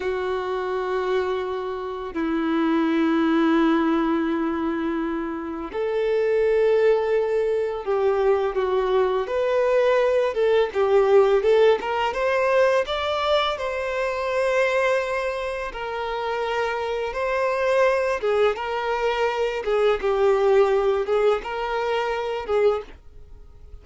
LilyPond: \new Staff \with { instrumentName = "violin" } { \time 4/4 \tempo 4 = 84 fis'2. e'4~ | e'1 | a'2. g'4 | fis'4 b'4. a'8 g'4 |
a'8 ais'8 c''4 d''4 c''4~ | c''2 ais'2 | c''4. gis'8 ais'4. gis'8 | g'4. gis'8 ais'4. gis'8 | }